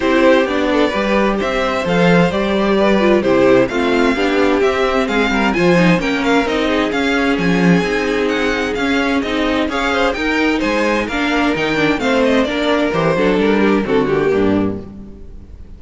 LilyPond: <<
  \new Staff \with { instrumentName = "violin" } { \time 4/4 \tempo 4 = 130 c''4 d''2 e''4 | f''4 d''2 c''4 | f''2 e''4 f''4 | gis''4 g''8 f''8 dis''4 f''4 |
gis''2 fis''4 f''4 | dis''4 f''4 g''4 gis''4 | f''4 g''4 f''8 dis''8 d''4 | c''4 ais'4 a'8 g'4. | }
  \new Staff \with { instrumentName = "violin" } { \time 4/4 g'4. a'8 b'4 c''4~ | c''2 b'4 g'4 | f'4 g'2 gis'8 ais'8 | c''4 ais'4. gis'4.~ |
gis'1~ | gis'4 cis''8 c''8 ais'4 c''4 | ais'2 c''4 ais'4~ | ais'8 a'4 g'8 fis'4 d'4 | }
  \new Staff \with { instrumentName = "viola" } { \time 4/4 e'4 d'4 g'2 | a'4 g'4. f'8 e'4 | c'4 d'4 c'2 | f'8 dis'8 cis'4 dis'4 cis'4~ |
cis'4 dis'2 cis'4 | dis'4 gis'4 dis'2 | d'4 dis'8 d'8 c'4 d'4 | g'8 d'4. c'8 ais4. | }
  \new Staff \with { instrumentName = "cello" } { \time 4/4 c'4 b4 g4 c'4 | f4 g2 c4 | a4 b4 c'4 gis8 g8 | f4 ais4 c'4 cis'4 |
f4 c'2 cis'4 | c'4 cis'4 dis'4 gis4 | ais4 dis4 a4 ais4 | e8 fis8 g4 d4 g,4 | }
>>